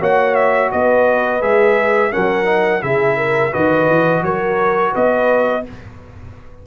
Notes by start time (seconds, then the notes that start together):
0.00 A#3 F#4 C#5 F#5
0.35 E5
0.72 B3 B4 D#5
1.41 G#3 G#4 E5
2.12 F#3 C#4 A#4 F#5
2.45 D#4
2.81 C#3 E4 G#4 E5
3.17 A#4
3.52 D#3 F#4 B4 D#5
3.90 E3
4.22 F#3 A#4 C#5
4.93 B3 B4 D#5